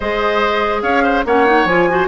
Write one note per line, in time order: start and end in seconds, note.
0.00 0.82 G#3
0.00 1.25 G#4
0.00 0.82 C5
0.00 0.81 D#5
0.81 1.24 C#4
0.81 1.03 C#5
0.81 1.23 F5
1.03 1.24 C5
1.25 1.64 A#3
1.25 1.46 C#4
1.25 1.89 C#5
1.25 1.66 F#5
1.46 1.66 D#4
1.64 2.06 F3
1.64 1.89 F4
1.64 2.07 G#5
1.89 2.07 F#4
1.89 2.07 C5